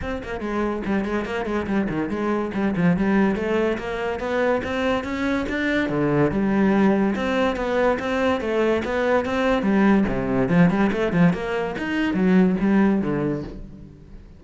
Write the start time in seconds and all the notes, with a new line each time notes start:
0.01 C4
0.23 A#3
0.40 G#3
0.85 G3
1.04 G#3
1.25 A#3
1.45 G#3
1.66 G3
1.89 D#3
2.09 G#3
2.54 G3
2.76 F3
2.97 G3
3.35 A3
3.78 A#3
4.19 B3
4.63 C4
5.03 C#4
5.48 D4
5.89 D3
6.31 G3
7.15 C4
7.56 B3
7.99 C4
8.40 A3
8.85 B3
9.25 C4
9.62 G3
10.08 C3
10.49 F3
10.70 G3
10.92 A3
11.12 F3
11.33 A#3
11.78 D#4
12.14 F#3
12.60 G3
13.01 D3